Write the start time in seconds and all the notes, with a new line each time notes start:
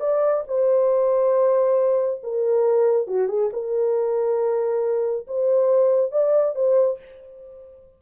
0.00 D5
0.47 C5
2.23 A#4
3.07 F#4
3.28 G#4
3.53 A#4
5.27 C5
6.12 D5
6.55 C5